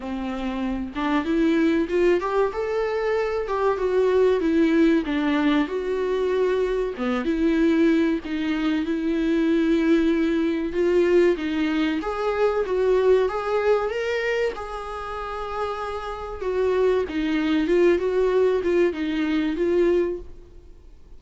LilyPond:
\new Staff \with { instrumentName = "viola" } { \time 4/4 \tempo 4 = 95 c'4. d'8 e'4 f'8 g'8 | a'4. g'8 fis'4 e'4 | d'4 fis'2 b8 e'8~ | e'4 dis'4 e'2~ |
e'4 f'4 dis'4 gis'4 | fis'4 gis'4 ais'4 gis'4~ | gis'2 fis'4 dis'4 | f'8 fis'4 f'8 dis'4 f'4 | }